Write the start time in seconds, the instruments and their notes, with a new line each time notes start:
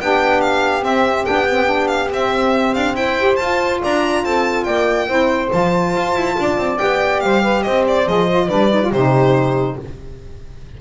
0.00 double bass B3, saxophone D4 G4, violin G5
0.41 violin F5
0.80 saxophone C4, double bass C4, violin E5
1.25 double bass B3, saxophone D4, violin G5
1.50 saxophone C4
1.65 saxophone D4
1.87 violin F5
2.11 double bass C4, saxophone C4, violin E5
2.74 double bass D4, violin F5
2.95 double bass E4, saxophone C5, violin G5
3.19 saxophone G4
3.36 double bass F4, saxophone F4, violin A5
3.81 double bass D4, saxophone D5, violin A#5
4.22 double bass C4, saxophone A4, violin A5
4.64 double bass A#3, saxophone D5, violin G5
5.07 double bass C4, saxophone E4 C5
5.49 double bass F3, saxophone F4, violin A5
5.96 double bass F4
6.15 double bass E4
6.39 double bass D4, saxophone D5
6.57 double bass C4
6.77 double bass B3, saxophone G4, violin G5
7.20 double bass G3, saxophone C5, violin F5
7.42 saxophone B4
7.62 double bass C4, saxophone C5, violin D#5
7.87 violin D5
8.07 double bass F3, saxophone G#4, violin D#5
8.28 saxophone F4
8.46 double bass G3, saxophone D4 B4, violin D5
8.72 saxophone D#4
8.82 saxophone F4
8.91 double bass C3, saxophone D#4 G4, violin C5